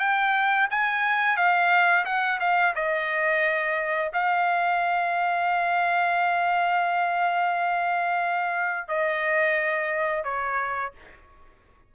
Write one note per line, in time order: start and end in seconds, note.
0.00 0.68 G5
0.70 1.37 G#5
1.37 2.05 F5
2.05 2.40 F#5
2.40 2.74 F5
2.76 4.12 D#5
4.13 8.88 F5
8.88 10.24 D#5
10.24 10.92 C#5